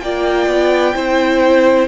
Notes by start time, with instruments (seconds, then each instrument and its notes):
0.00 cello A#3, viola F4, violin D5 G5
0.47 cello B3
0.95 cello C4, viola E4, violin C5